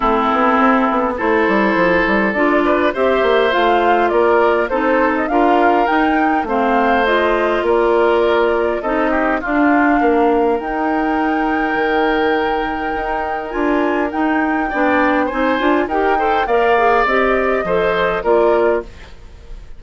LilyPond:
<<
  \new Staff \with { instrumentName = "flute" } { \time 4/4 \tempo 4 = 102 a'2 c''2 | d''4 e''4 f''4 d''4 | c''8. dis''16 f''4 g''4 f''4 | dis''4 d''2 dis''4 |
f''2 g''2~ | g''2. gis''4 | g''2 gis''4 g''4 | f''4 dis''2 d''4 | }
  \new Staff \with { instrumentName = "oboe" } { \time 4/4 e'2 a'2~ | a'8 b'8 c''2 ais'4 | a'4 ais'2 c''4~ | c''4 ais'2 a'8 g'8 |
f'4 ais'2.~ | ais'1~ | ais'4 d''4 c''4 ais'8 c''8 | d''2 c''4 ais'4 | }
  \new Staff \with { instrumentName = "clarinet" } { \time 4/4 c'2 e'2 | f'4 g'4 f'2 | dis'4 f'4 dis'4 c'4 | f'2. dis'4 |
d'2 dis'2~ | dis'2. f'4 | dis'4 d'4 dis'8 f'8 g'8 a'8 | ais'8 gis'8 g'4 a'4 f'4 | }
  \new Staff \with { instrumentName = "bassoon" } { \time 4/4 a8 b8 c'8 b8 a8 g8 f8 g8 | d'4 c'8 ais8 a4 ais4 | c'4 d'4 dis'4 a4~ | a4 ais2 c'4 |
d'4 ais4 dis'2 | dis2 dis'4 d'4 | dis'4 b4 c'8 d'8 dis'4 | ais4 c'4 f4 ais4 | }
>>